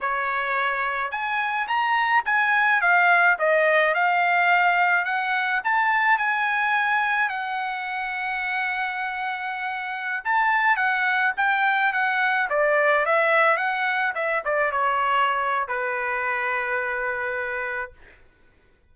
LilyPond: \new Staff \with { instrumentName = "trumpet" } { \time 4/4 \tempo 4 = 107 cis''2 gis''4 ais''4 | gis''4 f''4 dis''4 f''4~ | f''4 fis''4 a''4 gis''4~ | gis''4 fis''2.~ |
fis''2~ fis''16 a''4 fis''8.~ | fis''16 g''4 fis''4 d''4 e''8.~ | e''16 fis''4 e''8 d''8 cis''4.~ cis''16 | b'1 | }